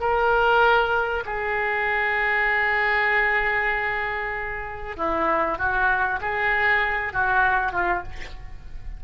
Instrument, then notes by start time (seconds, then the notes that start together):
oboe
0.00 A#4
1.25 G#4
4.96 E4
5.58 F#4
6.21 G#4
7.13 F#4
7.72 F4